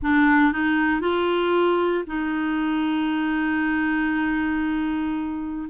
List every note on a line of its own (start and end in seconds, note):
0.02 0.52 D4
0.52 1.01 D#4
1.01 2.04 F4
2.06 5.68 D#4